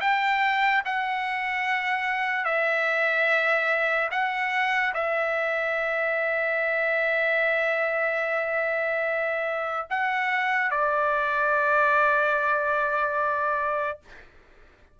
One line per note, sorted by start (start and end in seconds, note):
0.00 0.82 G5
0.85 2.45 F#5
2.45 4.09 E5
4.11 4.93 F#5
4.94 9.87 E5
9.90 10.71 F#5
10.71 14.00 D5